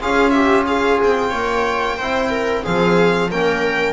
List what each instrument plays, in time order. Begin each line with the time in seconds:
0.00 double bass C#4, trombone F4, viola G#4, violin F5
0.30 viola G4, violin E5
0.65 viola G#4, violin F5
1.02 double bass C4, violin G5
1.29 double bass A#3, viola C#5
1.97 double bass C4, trombone E4, viola C5
2.30 viola A#4
2.63 double bass F3, trombone C4, viola G#4, violin F5
3.31 double bass A#3, trombone C#4, viola A#4, violin G5